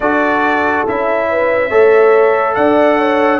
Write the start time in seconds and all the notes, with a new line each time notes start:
0.00 D4 F#4 A4 D5
0.87 C#4 E4 E5
1.30 B4
1.69 A3 A4 C#5
2.54 D4 D5 F#5
2.97 C#5